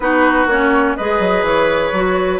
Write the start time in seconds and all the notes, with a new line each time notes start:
0.00 B3 D#4 F#4 B4
0.46 A#3 C#4 C#5
0.96 G#3 G#4 B4 D#5
1.19 F#3
1.43 E3 C#5
1.92 F#3 F#4